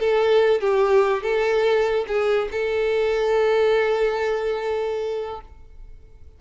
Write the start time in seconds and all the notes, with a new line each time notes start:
0.00 A4
0.61 G4
1.23 A4
2.07 G#4
2.51 A4